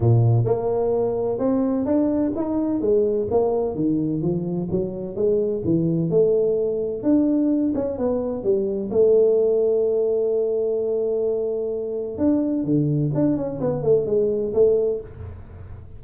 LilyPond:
\new Staff \with { instrumentName = "tuba" } { \time 4/4 \tempo 4 = 128 ais,4 ais2 c'4 | d'4 dis'4 gis4 ais4 | dis4 f4 fis4 gis4 | e4 a2 d'4~ |
d'8 cis'8 b4 g4 a4~ | a1~ | a2 d'4 d4 | d'8 cis'8 b8 a8 gis4 a4 | }